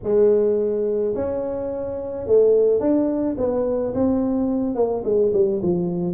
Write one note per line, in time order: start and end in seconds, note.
0.03 1.14 G#3
1.14 2.26 C#4
2.26 2.80 A3
2.80 3.36 D4
3.37 3.93 B3
3.94 4.75 C4
4.75 5.03 A#3
5.04 5.32 G#3
5.33 5.61 G3
5.62 6.14 F3